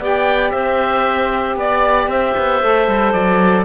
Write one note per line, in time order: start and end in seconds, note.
0.00 0.52 B3
0.00 2.62 G4
0.00 0.53 D5
0.00 0.52 G5
0.52 1.56 C4
0.52 1.57 C5
0.52 1.56 E5
1.56 2.08 B3
1.56 2.11 D5
1.56 2.10 D5
2.08 2.34 C4
2.08 3.65 C5
2.08 3.13 E5
2.38 2.64 B3
2.62 2.88 A3
2.62 3.65 A4
2.88 3.14 G3
3.13 3.65 F#3
3.13 3.65 D5